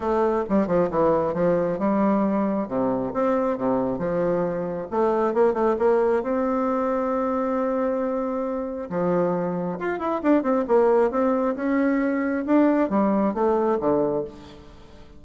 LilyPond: \new Staff \with { instrumentName = "bassoon" } { \time 4/4 \tempo 4 = 135 a4 g8 f8 e4 f4 | g2 c4 c'4 | c4 f2 a4 | ais8 a8 ais4 c'2~ |
c'1 | f2 f'8 e'8 d'8 c'8 | ais4 c'4 cis'2 | d'4 g4 a4 d4 | }